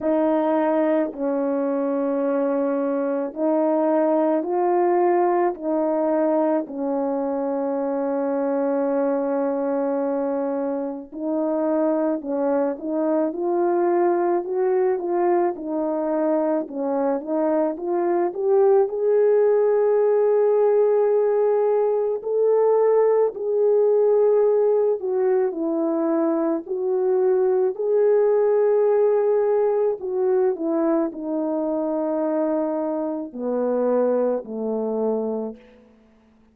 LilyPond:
\new Staff \with { instrumentName = "horn" } { \time 4/4 \tempo 4 = 54 dis'4 cis'2 dis'4 | f'4 dis'4 cis'2~ | cis'2 dis'4 cis'8 dis'8 | f'4 fis'8 f'8 dis'4 cis'8 dis'8 |
f'8 g'8 gis'2. | a'4 gis'4. fis'8 e'4 | fis'4 gis'2 fis'8 e'8 | dis'2 b4 a4 | }